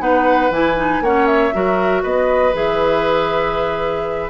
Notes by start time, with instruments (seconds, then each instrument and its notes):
0.00 bassoon B3, clarinet D#4, oboe B4, flute F#5
0.50 bassoon E3, clarinet E4, flute G#5
0.77 clarinet D#4
1.01 bassoon A#3, clarinet C#4, oboe C#5, flute F#5
1.26 flute E5
1.53 bassoon F#3, clarinet F#4, oboe A#4
2.03 bassoon B3, oboe B4, flute D#5
2.53 bassoon E3, clarinet G#4, flute E5